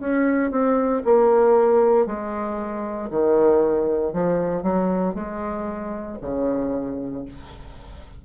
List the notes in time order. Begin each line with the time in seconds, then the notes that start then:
0.00 C#4
0.51 C4
1.05 A#3
2.07 G#3
3.10 D#3
4.13 F3
4.63 F#3
5.14 G#3
6.22 C#3